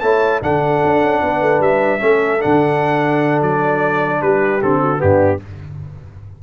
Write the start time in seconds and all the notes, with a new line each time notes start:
0.00 A3 E4 C#5 A5
0.42 D3 D4 A4 F#5
0.84 D4
1.02 C#4
1.22 B3 B4
1.41 A3
1.60 G3 E5
1.99 A3 C#4 A4
2.40 D3 D4 F#5
3.42 F#3 D5
4.21 G3 G4 B4
4.61 D3 C4 A4
4.80 F#4
4.97 G2 B3 D4 G4